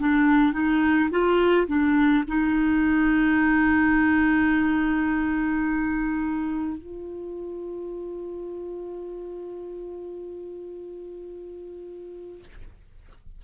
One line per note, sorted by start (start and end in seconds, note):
0.00 0.53 D4
0.53 1.10 D#4
1.11 1.67 F4
1.68 2.24 D4
2.28 6.78 D#4
6.78 12.44 F4